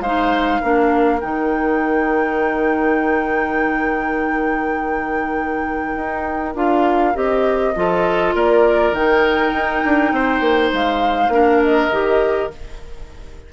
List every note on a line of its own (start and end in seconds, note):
0.00 0.59 G#3
0.00 0.62 D#4
0.00 0.61 C5
0.00 1.20 F5
0.61 1.22 A#3
0.61 1.20 D4
0.61 7.74 A#4
1.20 5.95 D#3
1.20 6.54 D#4
1.20 6.55 G5
5.95 6.54 D#4
6.54 7.14 D4
6.54 7.14 F4
6.54 7.15 F5
7.14 7.75 C4
7.14 7.73 G4
7.14 8.35 D#5
7.75 8.34 F3
7.75 8.94 F4
7.75 8.34 A4
8.34 8.91 A#3
8.34 10.12 A#4
8.34 8.94 D5
8.91 9.51 D#3
8.91 11.31 D#4
8.91 10.73 G5
9.53 9.82 D#4
9.84 10.12 D4
10.12 10.40 C4
10.12 11.33 C5
10.40 10.70 A#3
10.72 11.28 G#3
10.72 11.62 F5
11.28 11.87 A#3
11.28 11.91 D4
11.28 12.52 A#4
11.62 12.51 D#5
11.91 12.51 D#3
11.91 12.50 G4